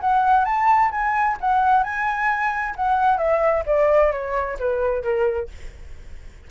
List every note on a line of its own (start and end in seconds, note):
0.00 0.44 F#5
0.44 0.90 A5
0.91 1.37 G#5
1.40 1.83 F#5
1.83 2.74 G#5
2.76 3.17 F#5
3.17 3.63 E5
3.66 4.11 D5
4.11 4.57 C#5
4.59 5.03 B4
5.03 5.48 A#4